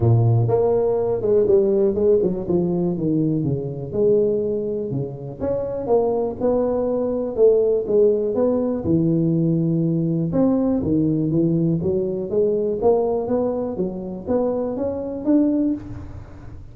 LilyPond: \new Staff \with { instrumentName = "tuba" } { \time 4/4 \tempo 4 = 122 ais,4 ais4. gis8 g4 | gis8 fis8 f4 dis4 cis4 | gis2 cis4 cis'4 | ais4 b2 a4 |
gis4 b4 e2~ | e4 c'4 dis4 e4 | fis4 gis4 ais4 b4 | fis4 b4 cis'4 d'4 | }